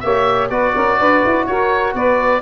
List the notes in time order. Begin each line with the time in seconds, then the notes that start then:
0.00 A#3 G4 C#5 E5
0.50 B3 F#4 B4 D5
0.75 C#4 A#4
0.99 D4 B4
1.25 E4
1.46 F#4 A#4 C#5
1.95 B3 B4 D5